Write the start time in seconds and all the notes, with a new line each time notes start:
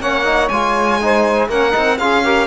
0.00 A#3 C#4 C#5 F#5
0.25 D#4
0.49 G#3 F4 G#5
1.02 D#4 C5
1.48 A#3 C#4 A#4 F#5
1.72 C4 D#4
1.98 C#4 F4 G#4 F5
2.24 G4 A#4